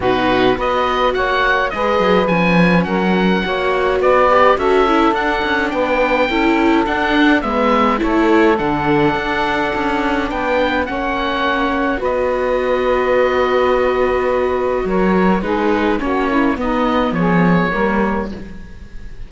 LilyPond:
<<
  \new Staff \with { instrumentName = "oboe" } { \time 4/4 \tempo 4 = 105 b'4 dis''4 fis''4 dis''4 | gis''4 fis''2 d''4 | e''4 fis''4 g''2 | fis''4 e''4 cis''4 fis''4~ |
fis''2 g''4 fis''4~ | fis''4 dis''2.~ | dis''2 cis''4 b'4 | cis''4 dis''4 cis''2 | }
  \new Staff \with { instrumentName = "saxophone" } { \time 4/4 fis'4 b'4 cis''4 b'4~ | b'4 ais'4 cis''4 b'4 | a'2 b'4 a'4~ | a'4 b'4 a'2~ |
a'2 b'4 cis''4~ | cis''4 b'2.~ | b'2 ais'4 gis'4 | fis'8 e'8 dis'4 gis'4 ais'4 | }
  \new Staff \with { instrumentName = "viola" } { \time 4/4 dis'4 fis'2 gis'4 | cis'2 fis'4. g'8 | fis'8 e'8 d'2 e'4 | d'4 b4 e'4 d'4~ |
d'2. cis'4~ | cis'4 fis'2.~ | fis'2. dis'4 | cis'4 b2 ais4 | }
  \new Staff \with { instrumentName = "cello" } { \time 4/4 b,4 b4 ais4 gis8 fis8 | f4 fis4 ais4 b4 | cis'4 d'8 cis'8 b4 cis'4 | d'4 gis4 a4 d4 |
d'4 cis'4 b4 ais4~ | ais4 b2.~ | b2 fis4 gis4 | ais4 b4 f4 g4 | }
>>